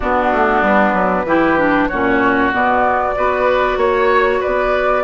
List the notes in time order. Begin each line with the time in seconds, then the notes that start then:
0.00 B3 D4 F#4
0.31 A3
0.61 G3 B4
0.93 F#3
1.24 E3 E4 G4
1.58 D4
1.88 A#2 C#4 F#4 C#5
2.52 B2 B3 D5
3.15 B3 F#4 B4
3.77 A#3 C#5
4.39 B4 D5
4.46 B3